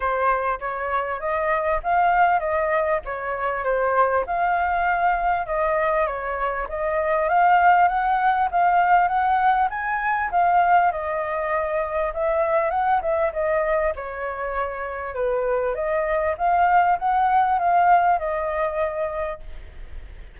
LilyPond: \new Staff \with { instrumentName = "flute" } { \time 4/4 \tempo 4 = 99 c''4 cis''4 dis''4 f''4 | dis''4 cis''4 c''4 f''4~ | f''4 dis''4 cis''4 dis''4 | f''4 fis''4 f''4 fis''4 |
gis''4 f''4 dis''2 | e''4 fis''8 e''8 dis''4 cis''4~ | cis''4 b'4 dis''4 f''4 | fis''4 f''4 dis''2 | }